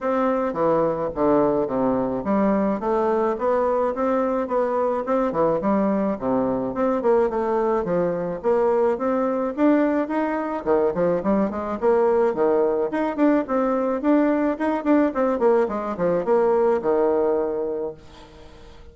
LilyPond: \new Staff \with { instrumentName = "bassoon" } { \time 4/4 \tempo 4 = 107 c'4 e4 d4 c4 | g4 a4 b4 c'4 | b4 c'8 e8 g4 c4 | c'8 ais8 a4 f4 ais4 |
c'4 d'4 dis'4 dis8 f8 | g8 gis8 ais4 dis4 dis'8 d'8 | c'4 d'4 dis'8 d'8 c'8 ais8 | gis8 f8 ais4 dis2 | }